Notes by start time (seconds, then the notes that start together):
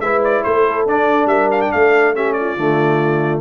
0.00 G#3 E4 B4 E5
0.24 D5
0.44 A3 A4 C5
0.86 D4 D5
1.26 G3 A#4 E5
1.51 F5
1.62 G5
1.72 A3 A4 F5
2.15 C#4 G4 E5
2.33 D5
2.40 F4
2.57 D3 A3